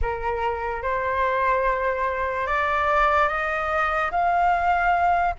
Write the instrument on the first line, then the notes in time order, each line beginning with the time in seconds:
flute
0.01 A#4
0.82 C5
2.47 D5
3.28 D#5
4.11 F5